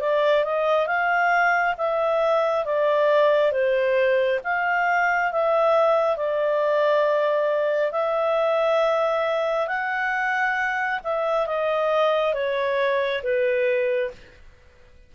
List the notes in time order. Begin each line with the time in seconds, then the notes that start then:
0.00 D5
0.44 D#5
0.87 F5
1.78 E5
2.65 D5
3.52 C5
4.44 F5
5.32 E5
6.16 D5
7.92 E5
9.67 F#5
11.04 E5
11.47 D#5
12.34 C#5
13.23 B4